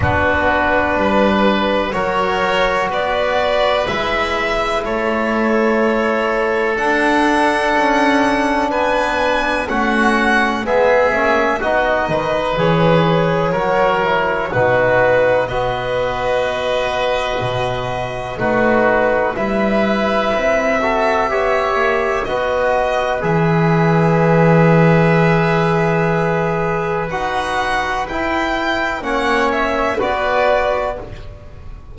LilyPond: <<
  \new Staff \with { instrumentName = "violin" } { \time 4/4 \tempo 4 = 62 b'2 cis''4 d''4 | e''4 cis''2 fis''4~ | fis''4 gis''4 fis''4 e''4 | dis''4 cis''2 b'4 |
dis''2. b'4 | e''2. dis''4 | e''1 | fis''4 g''4 fis''8 e''8 d''4 | }
  \new Staff \with { instrumentName = "oboe" } { \time 4/4 fis'4 b'4 ais'4 b'4~ | b'4 a'2.~ | a'4 b'4 fis'4 gis'4 | fis'8 b'4. ais'4 fis'4 |
b'2. fis'4 | b'4. a'8 cis''4 b'4~ | b'1~ | b'2 cis''4 b'4 | }
  \new Staff \with { instrumentName = "trombone" } { \time 4/4 d'2 fis'2 | e'2. d'4~ | d'2 cis'4 b8 cis'8 | dis'4 gis'4 fis'8 e'8 dis'4 |
fis'2. dis'4 | e'4. fis'8 g'4 fis'4 | gis'1 | fis'4 e'4 cis'4 fis'4 | }
  \new Staff \with { instrumentName = "double bass" } { \time 4/4 b4 g4 fis4 b4 | gis4 a2 d'4 | cis'4 b4 a4 gis8 ais8 | b8 dis8 e4 fis4 b,4 |
b2 b,4 a4 | g4 c'4 b8 ais8 b4 | e1 | dis'4 e'4 ais4 b4 | }
>>